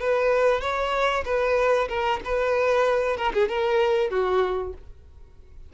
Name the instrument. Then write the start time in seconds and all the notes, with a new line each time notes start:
violin
0.00 B4
0.61 C#5
1.25 B4
1.89 A#4
2.25 B4
3.17 A#4
3.33 G#4
3.49 A#4
4.10 F#4